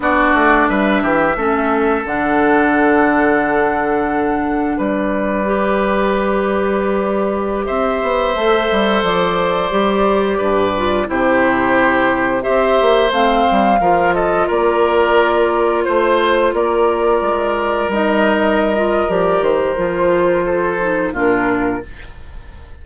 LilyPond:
<<
  \new Staff \with { instrumentName = "flute" } { \time 4/4 \tempo 4 = 88 d''4 e''2 fis''4~ | fis''2. d''4~ | d''2.~ d''16 e''8.~ | e''4~ e''16 d''2~ d''8.~ |
d''16 c''2 e''4 f''8.~ | f''8. dis''8 d''2 c''8.~ | c''16 d''2 dis''4.~ dis''16 | d''8 c''2~ c''8 ais'4 | }
  \new Staff \with { instrumentName = "oboe" } { \time 4/4 fis'4 b'8 g'8 a'2~ | a'2. b'4~ | b'2.~ b'16 c''8.~ | c''2.~ c''16 b'8.~ |
b'16 g'2 c''4.~ c''16~ | c''16 ais'8 a'8 ais'2 c''8.~ | c''16 ais'2.~ ais'8.~ | ais'2 a'4 f'4 | }
  \new Staff \with { instrumentName = "clarinet" } { \time 4/4 d'2 cis'4 d'4~ | d'1 | g'1~ | g'16 a'2 g'4. f'16~ |
f'16 e'2 g'4 c'8.~ | c'16 f'2.~ f'8.~ | f'2~ f'16 dis'4~ dis'16 f'8 | g'4 f'4. dis'8 d'4 | }
  \new Staff \with { instrumentName = "bassoon" } { \time 4/4 b8 a8 g8 e8 a4 d4~ | d2. g4~ | g2.~ g16 c'8 b16~ | b16 a8 g8 f4 g4 g,8.~ |
g,16 c2 c'8 ais8 a8 g16~ | g16 f4 ais2 a8.~ | a16 ais4 gis4 g4.~ g16 | f8 dis8 f2 ais,4 | }
>>